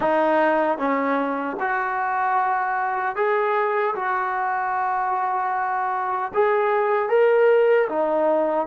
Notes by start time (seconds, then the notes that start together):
0.00 D#4
0.78 C#4
1.60 F#4
3.15 G#4
3.95 F#4
6.34 G#4
7.09 A#4
7.89 D#4